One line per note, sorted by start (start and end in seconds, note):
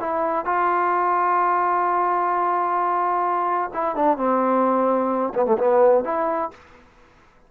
0.00 0.45 E4
0.45 3.71 F4
3.74 3.96 E4
3.96 4.17 D4
4.17 5.33 C4
5.35 5.46 B3
5.46 5.58 A3
5.58 6.04 B3
6.04 6.51 E4